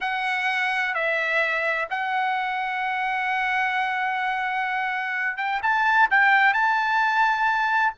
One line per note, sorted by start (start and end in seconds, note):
0.00 0.94 F#5
0.94 1.88 E5
1.90 5.37 F#5
5.37 5.60 G5
5.62 6.09 A5
6.10 6.53 G5
6.53 7.94 A5